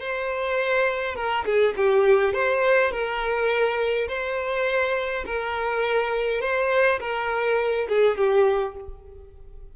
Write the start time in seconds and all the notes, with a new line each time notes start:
0.00 C5
1.15 A#4
1.45 G#4
1.76 G4
2.33 C5
2.91 A#4
4.08 C5
5.26 A#4
6.41 C5
7.00 A#4
7.88 G#4
8.17 G4